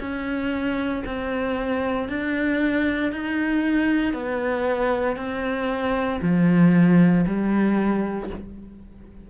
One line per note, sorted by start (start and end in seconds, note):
0.00 1.03 C#4
1.06 2.09 C4
2.09 3.12 D4
3.12 4.13 D#4
4.13 5.17 B3
5.17 6.20 C4
6.22 7.26 F3
7.26 8.30 G3